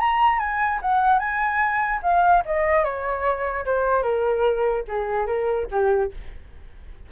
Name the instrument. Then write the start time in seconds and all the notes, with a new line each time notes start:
flute
0.00 A#5
0.39 G#5
0.82 F#5
1.19 G#5
2.03 F5
2.45 D#5
2.84 C#5
3.65 C5
4.03 A#4
4.88 G#4
5.26 A#4
5.71 G4